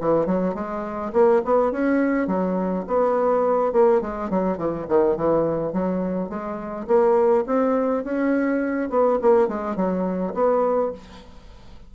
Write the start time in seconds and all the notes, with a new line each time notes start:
0.00 E3
0.26 F#3
0.54 G#3
1.12 A#3
1.45 B3
1.71 C#4
2.27 F#3
2.87 B3
3.72 A#3
4.01 G#3
4.30 F#3
4.57 E3
4.88 D#3
5.16 E3
5.72 F#3
6.29 G#3
6.87 A#3
7.46 C4
8.03 C#4
8.90 B3
9.22 A#3
9.47 G#3
9.76 F#3
10.34 B3